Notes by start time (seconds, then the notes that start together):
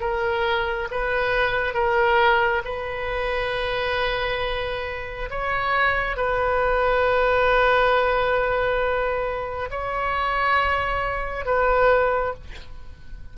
0.00 A#4
0.91 B4
1.74 A#4
2.64 B4
5.30 C#5
6.17 B4
9.70 C#5
11.45 B4